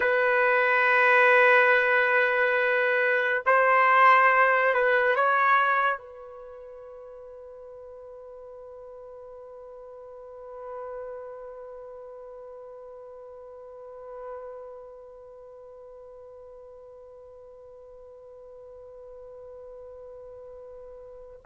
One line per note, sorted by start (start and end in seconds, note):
0.00 3.42 B4
3.46 4.74 C5
4.74 5.15 B4
5.15 5.98 C#5
5.98 21.41 B4